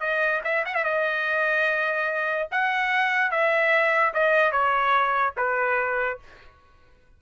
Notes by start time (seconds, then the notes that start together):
0.00 D#5
0.44 E5
0.65 F#5
0.75 E5
0.84 D#5
2.51 F#5
3.31 E5
4.14 D#5
4.51 C#5
5.37 B4